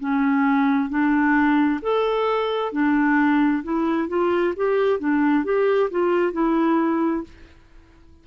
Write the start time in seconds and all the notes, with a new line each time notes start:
0.00 C#4
0.90 D4
1.82 A4
2.72 D4
3.64 E4
4.09 F4
4.57 G4
5.00 D4
5.45 G4
5.91 F4
6.33 E4